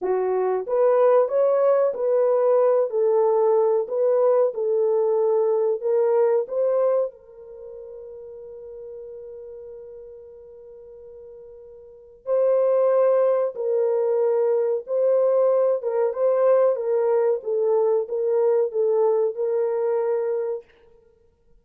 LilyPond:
\new Staff \with { instrumentName = "horn" } { \time 4/4 \tempo 4 = 93 fis'4 b'4 cis''4 b'4~ | b'8 a'4. b'4 a'4~ | a'4 ais'4 c''4 ais'4~ | ais'1~ |
ais'2. c''4~ | c''4 ais'2 c''4~ | c''8 ais'8 c''4 ais'4 a'4 | ais'4 a'4 ais'2 | }